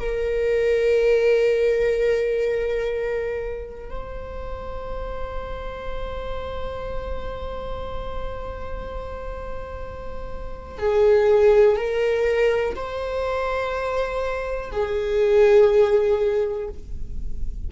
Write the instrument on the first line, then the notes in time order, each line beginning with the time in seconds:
viola
0.00 A#4
3.91 C5
10.79 G#4
11.77 A#4
12.76 C5
14.72 G#4